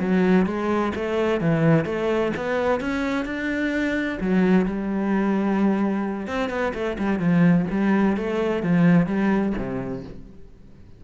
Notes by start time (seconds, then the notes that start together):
0.00 F#3
0.46 G#3
0.96 A3
1.41 E3
1.86 A3
2.37 B3
2.81 C#4
3.25 D4
4.21 F#3
4.66 G3
6.27 C4
6.50 B3
6.74 A3
6.99 G3
7.20 F3
7.71 G3
8.17 A3
8.63 F3
9.07 G3
9.58 C3